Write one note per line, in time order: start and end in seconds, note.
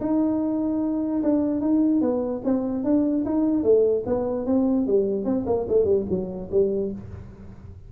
0.00 1.22 D#4
1.23 1.60 D4
1.60 2.01 D#4
2.01 2.41 B3
2.44 2.84 C4
2.84 3.24 D4
3.25 3.63 D#4
3.63 4.03 A3
4.06 4.46 B3
4.46 4.86 C4
4.86 5.25 G3
5.25 5.45 C4
5.46 5.66 A#3
5.68 5.85 A3
5.85 6.05 G3
6.09 6.50 F#3
6.51 6.91 G3